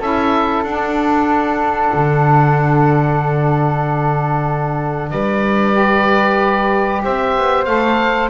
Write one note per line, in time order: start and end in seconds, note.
0.00 0.64 C#4
0.00 0.65 E4
0.00 5.11 A4
0.00 0.64 E5
0.64 1.91 D4
0.64 5.74 D4
0.64 5.11 F#5
1.94 5.12 D3
5.11 7.04 G3
5.11 7.03 B4
5.11 7.02 D5
5.74 7.65 G4
7.04 7.37 C4
7.04 8.30 C5
7.04 7.65 E5
7.37 7.67 B3
7.65 8.30 A3
7.65 8.30 A4
7.65 8.29 F5